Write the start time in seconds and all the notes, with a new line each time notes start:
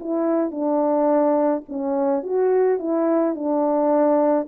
0.00 E4
0.51 D4
1.69 C#4
2.23 F#4
2.79 E4
3.35 D4